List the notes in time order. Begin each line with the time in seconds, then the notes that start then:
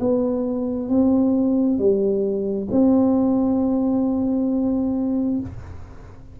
0.00 B3
0.89 C4
1.78 G3
2.72 C4